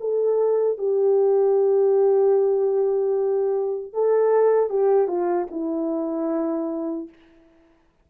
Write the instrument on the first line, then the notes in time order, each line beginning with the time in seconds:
horn
0.00 A4
0.78 G4
3.93 A4
4.70 G4
5.07 F4
5.51 E4